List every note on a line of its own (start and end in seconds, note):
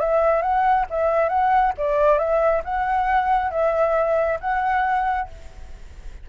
0.00 0.42 E5
0.42 0.86 F#5
0.90 1.29 E5
1.29 1.73 F#5
1.78 2.19 D5
2.19 2.63 E5
2.65 3.51 F#5
3.51 4.39 E5
4.40 5.29 F#5